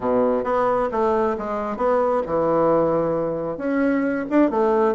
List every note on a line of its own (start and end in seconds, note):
0.00 0.43 B2
0.43 0.89 B3
0.91 1.36 A3
1.38 1.77 G#3
1.77 2.22 B3
2.26 3.57 E3
3.57 4.25 C#4
4.30 4.50 D4
4.50 4.95 A3